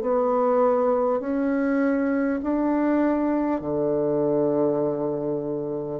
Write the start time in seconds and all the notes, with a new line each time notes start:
0.00 B3
1.20 C#4
2.43 D4
3.61 D3